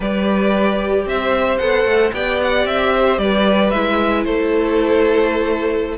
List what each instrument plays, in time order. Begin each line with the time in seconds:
0.00 cello G3, viola G4, violin B4 D5
1.05 cello C4, violin C5 E5
1.58 cello B3, viola A4, violin F#5
1.84 cello A3
2.12 cello B3, viola G4, violin D5 G5
2.43 violin F#5
2.65 cello C4, violin E5
2.94 violin C5
3.18 cello G3, violin B4 D5
3.70 cello G#3, viola E4, violin E5
4.24 cello A3, violin A4 C5